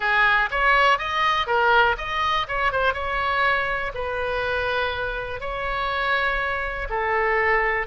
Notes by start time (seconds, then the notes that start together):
0.00 G#4
0.51 C#5
0.98 D#5
1.46 A#4
1.97 D#5
2.47 C#5
2.72 C5
2.93 C#5
3.94 B4
5.40 C#5
6.89 A4